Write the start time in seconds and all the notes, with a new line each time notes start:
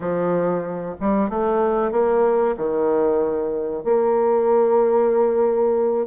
0.00 F3
1.00 G3
1.29 A3
1.91 A#3
2.56 D#3
3.84 A#3